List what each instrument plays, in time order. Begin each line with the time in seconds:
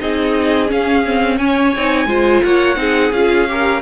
0.00 cello C4, viola D#4, violin G#4 D#5
0.68 viola C#4, cello C#4, violin F5
1.06 viola C4
1.37 viola C#4, violin C#5 G#5
1.76 cello C4, viola D#4
2.06 cello G#3, viola F4, violin C5
2.43 cello A#3, violin C#5 F#5
2.76 cello C4, viola D#4, violin G#4
3.12 cello C#4, viola F4, violin F5
3.48 viola G4, violin A#4